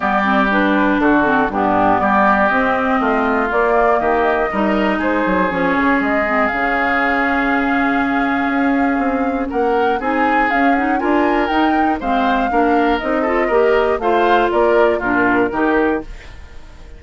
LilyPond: <<
  \new Staff \with { instrumentName = "flute" } { \time 4/4 \tempo 4 = 120 d''4 b'4 a'4 g'4 | d''4 dis''2 d''4 | dis''2 c''4 cis''4 | dis''4 f''2.~ |
f''2. fis''4 | gis''4 f''8 fis''8 gis''4 g''4 | f''2 dis''2 | f''4 d''4 ais'2 | }
  \new Staff \with { instrumentName = "oboe" } { \time 4/4 g'2 fis'4 d'4 | g'2 f'2 | g'4 ais'4 gis'2~ | gis'1~ |
gis'2. ais'4 | gis'2 ais'2 | c''4 ais'4. a'8 ais'4 | c''4 ais'4 f'4 g'4 | }
  \new Staff \with { instrumentName = "clarinet" } { \time 4/4 b8 c'8 d'4. c'8 b4~ | b4 c'2 ais4~ | ais4 dis'2 cis'4~ | cis'8 c'8 cis'2.~ |
cis'1 | dis'4 cis'8 dis'8 f'4 dis'4 | c'4 d'4 dis'8 f'8 g'4 | f'2 d'4 dis'4 | }
  \new Staff \with { instrumentName = "bassoon" } { \time 4/4 g2 d4 g,4 | g4 c'4 a4 ais4 | dis4 g4 gis8 fis8 f8 cis8 | gis4 cis2.~ |
cis4 cis'4 c'4 ais4 | c'4 cis'4 d'4 dis'4 | gis4 ais4 c'4 ais4 | a4 ais4 ais,4 dis4 | }
>>